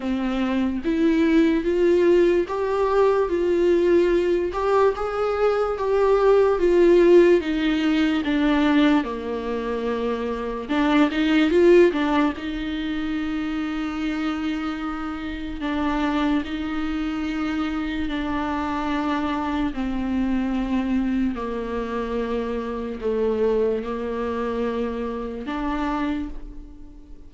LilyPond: \new Staff \with { instrumentName = "viola" } { \time 4/4 \tempo 4 = 73 c'4 e'4 f'4 g'4 | f'4. g'8 gis'4 g'4 | f'4 dis'4 d'4 ais4~ | ais4 d'8 dis'8 f'8 d'8 dis'4~ |
dis'2. d'4 | dis'2 d'2 | c'2 ais2 | a4 ais2 d'4 | }